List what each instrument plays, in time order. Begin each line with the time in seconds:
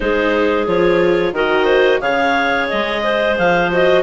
0.00 bassoon G#3, viola D#4, clarinet G#4 C5
0.67 bassoon F3, viola F4, clarinet C#5
1.32 bassoon D#3, viola F#4, clarinet A#4 D#5
1.65 clarinet C5
2.00 bassoon C#3, viola G#4, clarinet C#5 F5
2.68 bassoon G#3, clarinet D#5
3.03 clarinet C5
3.37 bassoon F3, clarinet F5
3.71 viola F#4, clarinet D#5